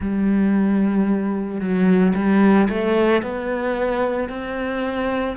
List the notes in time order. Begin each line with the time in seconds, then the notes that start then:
0.00 G3
1.60 F#3
2.14 G3
2.69 A3
3.22 B3
4.29 C4